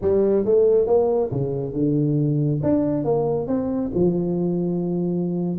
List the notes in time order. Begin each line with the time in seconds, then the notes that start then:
0.01 G3
0.45 A3
0.86 A#3
1.31 C#3
1.73 D3
2.62 D4
3.04 A#3
3.47 C4
3.94 F3